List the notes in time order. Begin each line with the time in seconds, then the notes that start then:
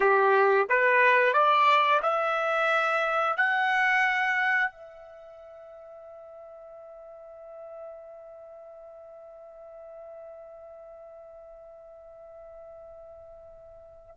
0.00 G4
0.69 B4
1.33 D5
2.02 E5
3.36 F#5
4.71 E5